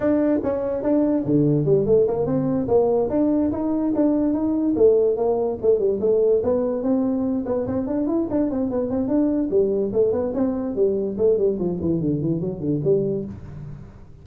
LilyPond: \new Staff \with { instrumentName = "tuba" } { \time 4/4 \tempo 4 = 145 d'4 cis'4 d'4 d4 | g8 a8 ais8 c'4 ais4 d'8~ | d'8 dis'4 d'4 dis'4 a8~ | a8 ais4 a8 g8 a4 b8~ |
b8 c'4. b8 c'8 d'8 e'8 | d'8 c'8 b8 c'8 d'4 g4 | a8 b8 c'4 g4 a8 g8 | f8 e8 d8 e8 fis8 d8 g4 | }